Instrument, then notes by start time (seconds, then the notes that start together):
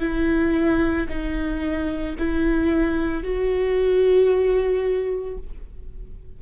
viola
0.00 E4
1.09 D#4
2.18 E4
3.23 F#4